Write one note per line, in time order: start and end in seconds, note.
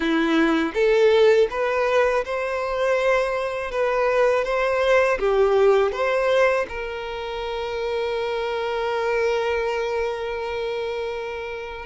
0.00 0.72 E4
0.74 1.48 A4
1.50 2.24 B4
2.25 3.71 C5
3.71 4.44 B4
4.44 5.18 C5
5.19 5.92 G4
5.92 6.66 C5
6.68 11.85 A#4